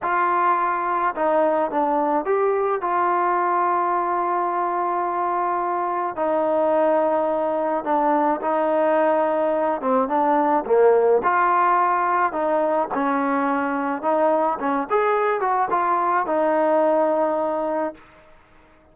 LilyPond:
\new Staff \with { instrumentName = "trombone" } { \time 4/4 \tempo 4 = 107 f'2 dis'4 d'4 | g'4 f'2.~ | f'2. dis'4~ | dis'2 d'4 dis'4~ |
dis'4. c'8 d'4 ais4 | f'2 dis'4 cis'4~ | cis'4 dis'4 cis'8 gis'4 fis'8 | f'4 dis'2. | }